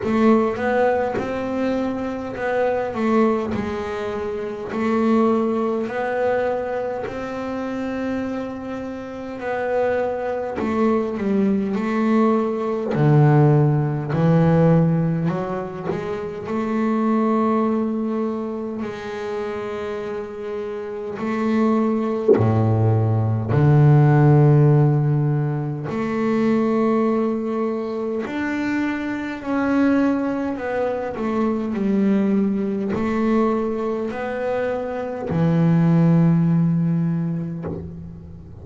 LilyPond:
\new Staff \with { instrumentName = "double bass" } { \time 4/4 \tempo 4 = 51 a8 b8 c'4 b8 a8 gis4 | a4 b4 c'2 | b4 a8 g8 a4 d4 | e4 fis8 gis8 a2 |
gis2 a4 a,4 | d2 a2 | d'4 cis'4 b8 a8 g4 | a4 b4 e2 | }